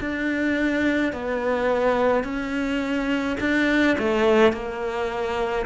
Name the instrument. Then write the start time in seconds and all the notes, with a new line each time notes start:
cello
0.00 D4
1.13 B3
2.24 C#4
3.40 D4
3.99 A3
4.53 A#3